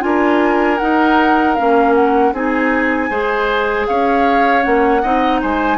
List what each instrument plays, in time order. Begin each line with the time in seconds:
0.00 bassoon D4, clarinet F4, oboe A#4, flute G#5
0.78 clarinet D#4, bassoon D#4, flute F#5
1.54 bassoon A#3, clarinet C#4, flute F5
1.94 flute F#5
2.32 bassoon C4, clarinet D#4, oboe G#4, flute G#5
3.10 bassoon G#3, clarinet G#4, oboe C5
3.87 bassoon C#4, oboe C#5, flute F5
4.62 bassoon A#3, clarinet C#4, flute F#5
5.02 bassoon C4, clarinet D#4, oboe D#5
5.41 bassoon G#3, oboe C5, flute G#5